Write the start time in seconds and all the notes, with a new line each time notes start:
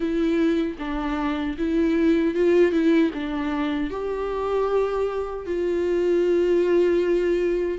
0.00 E4
0.78 D4
1.58 E4
2.34 F4
2.72 E4
3.14 D4
3.90 G4
5.45 F4